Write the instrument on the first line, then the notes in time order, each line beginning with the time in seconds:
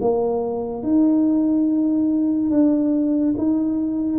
tuba
0.00 A#3
0.83 D#4
2.50 D4
3.37 D#4